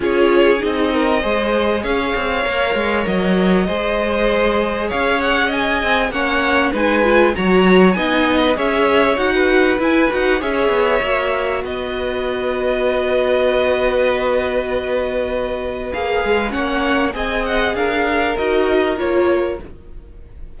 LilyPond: <<
  \new Staff \with { instrumentName = "violin" } { \time 4/4 \tempo 4 = 98 cis''4 dis''2 f''4~ | f''4 dis''2. | f''8 fis''8 gis''4 fis''4 gis''4 | ais''4 gis''8. b'16 e''4 fis''4 |
gis''8 fis''8 e''2 dis''4~ | dis''1~ | dis''2 f''4 fis''4 | gis''8 fis''8 f''4 dis''4 cis''4 | }
  \new Staff \with { instrumentName = "violin" } { \time 4/4 gis'4. ais'8 c''4 cis''4~ | cis''2 c''2 | cis''4 dis''4 cis''4 b'4 | cis''4 dis''4 cis''4~ cis''16 b'8.~ |
b'4 cis''2 b'4~ | b'1~ | b'2. cis''4 | dis''4 ais'2. | }
  \new Staff \with { instrumentName = "viola" } { \time 4/4 f'4 dis'4 gis'2 | ais'2 gis'2~ | gis'2 cis'4 dis'8 f'8 | fis'4 dis'4 gis'4 fis'4 |
e'8 fis'8 gis'4 fis'2~ | fis'1~ | fis'2 gis'4 cis'4 | gis'2 fis'4 f'4 | }
  \new Staff \with { instrumentName = "cello" } { \time 4/4 cis'4 c'4 gis4 cis'8 c'8 | ais8 gis8 fis4 gis2 | cis'4. c'8 ais4 gis4 | fis4 b4 cis'4 dis'4 |
e'8 dis'8 cis'8 b8 ais4 b4~ | b1~ | b2 ais8 gis8 ais4 | c'4 d'4 dis'4 ais4 | }
>>